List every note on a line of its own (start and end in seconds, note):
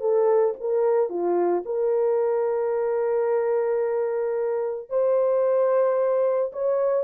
0.00 0.54 A4
0.60 1.09 A#4
1.09 1.63 F4
1.65 4.89 A#4
4.89 6.51 C5
6.52 7.04 C#5